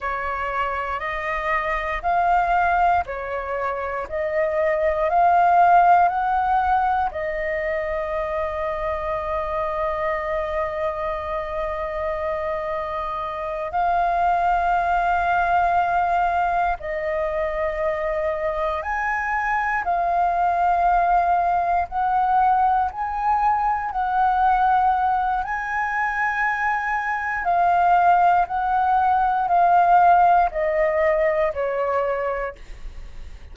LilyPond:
\new Staff \with { instrumentName = "flute" } { \time 4/4 \tempo 4 = 59 cis''4 dis''4 f''4 cis''4 | dis''4 f''4 fis''4 dis''4~ | dis''1~ | dis''4. f''2~ f''8~ |
f''8 dis''2 gis''4 f''8~ | f''4. fis''4 gis''4 fis''8~ | fis''4 gis''2 f''4 | fis''4 f''4 dis''4 cis''4 | }